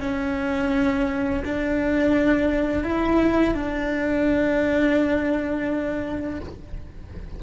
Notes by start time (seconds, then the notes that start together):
0.00 C#4
1.44 D4
2.83 E4
3.54 D4